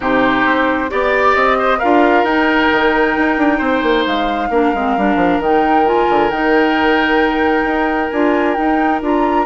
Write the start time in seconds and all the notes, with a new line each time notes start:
0.00 C3 D#4 G4 C5
0.45 C4
0.89 B3 G4 D5
1.35 C4 D#5
1.58 C5
1.78 D4 F4 A#4 F5
2.23 D#4 G5
2.71 D#3
3.17 D#4
3.37 D4
3.57 C4 C5
3.82 A#3
4.06 G#3 F5
4.49 A#3 D4 A#4
4.74 G#3 C4
4.97 G3 D4
5.15 F3
5.39 D#3 D#4 G5
5.85 F4 G#5
6.09 D3
6.30 D#3 D#4 G5
7.63 D#4
8.10 D4 F4 G#5
8.54 D#4 G5
9.01 D4 F4 A#5